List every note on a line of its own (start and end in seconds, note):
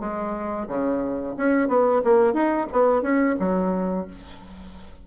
0.00 0.67 G#3
0.68 1.35 C#3
1.37 1.68 C#4
1.68 2.02 B3
2.04 2.33 A#3
2.33 2.67 D#4
2.72 3.02 B3
3.02 3.36 C#4
3.40 4.07 F#3